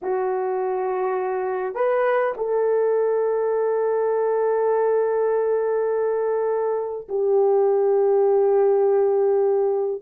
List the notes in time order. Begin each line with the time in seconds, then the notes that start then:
0.02 F#4
1.75 B4
2.37 A4
7.09 G4